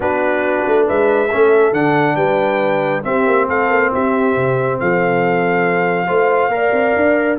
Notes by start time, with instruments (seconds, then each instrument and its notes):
0.00 tuba B3, trombone D4, horn F#4, trumpet B4
0.66 tuba A3
0.85 tuba G#3, horn B4, trumpet E5
1.31 tuba A3, trombone C#4, horn A4
1.72 tuba D3, trombone D4, trumpet F#5
2.15 tuba G3, horn B4, trumpet G5
3.03 trombone C4, tuba C4, horn G4, trumpet E5
3.26 tuba A#3
3.47 tuba A3, horn A4, trumpet F5
3.69 tuba A#3
3.92 tuba C4, horn G4, trumpet E5
4.36 tuba C3
4.79 tuba F3, horn A4, trumpet F5
6.07 tuba A3, trombone F4, horn C5
6.48 tuba A#3, trombone A#4, horn D5
6.72 tuba C4
6.95 tuba D4